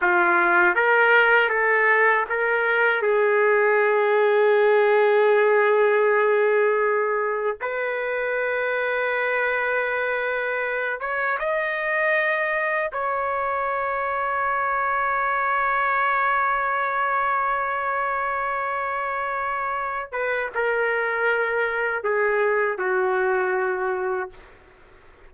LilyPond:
\new Staff \with { instrumentName = "trumpet" } { \time 4/4 \tempo 4 = 79 f'4 ais'4 a'4 ais'4 | gis'1~ | gis'2 b'2~ | b'2~ b'8 cis''8 dis''4~ |
dis''4 cis''2.~ | cis''1~ | cis''2~ cis''8 b'8 ais'4~ | ais'4 gis'4 fis'2 | }